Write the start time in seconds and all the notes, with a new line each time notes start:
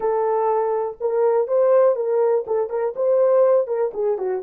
0.00 A4
1.00 A#4
1.47 C5
1.95 A#4
2.46 A4
2.69 A#4
2.96 C5
3.67 A#4
3.93 G#4
4.18 F#4